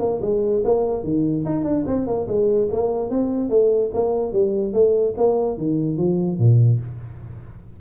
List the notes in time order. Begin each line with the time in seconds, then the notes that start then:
0.00 A#3
0.22 G#3
0.65 A#3
1.04 D#3
1.45 D#4
1.64 D4
1.87 C4
2.07 A#3
2.28 G#3
2.72 A#3
3.10 C4
3.50 A3
3.94 A#3
4.33 G3
4.73 A3
5.18 A#3
5.58 D#3
5.98 F3
6.39 A#2